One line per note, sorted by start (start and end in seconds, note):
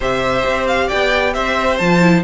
0.00 0.45 C3
0.00 1.80 G4
0.00 0.87 C5
0.00 0.67 E5
0.46 0.90 C4
0.67 0.89 F5
0.87 1.35 B3
0.87 1.32 D5
0.87 1.33 G5
1.33 1.80 C4
1.33 2.23 C5
1.33 1.77 E5
1.77 2.23 F3
1.77 2.00 F4
1.77 2.22 A5
2.00 2.23 E4